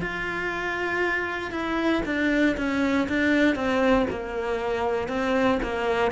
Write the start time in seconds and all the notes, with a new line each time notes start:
0.00 F4
1.51 E4
2.05 D4
2.57 C#4
3.08 D4
3.55 C4
4.10 A#3
5.08 C4
5.63 A#3